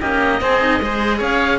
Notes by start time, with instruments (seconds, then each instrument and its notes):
0.00 cello A#3 C#4, oboe G4 D#5
0.40 cello C4, oboe G#4
0.60 cello D#4
0.80 cello G#3 G#4, oboe C5
1.18 cello C#4, oboe C#5 F5